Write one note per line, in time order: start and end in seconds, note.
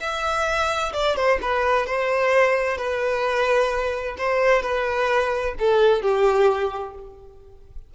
0.00 0.92 E5
0.93 1.16 D5
1.16 1.39 C5
1.41 1.86 B4
1.86 2.77 C5
2.77 4.16 B4
4.18 4.62 C5
4.62 5.54 B4
5.59 6.02 A4
6.02 6.94 G4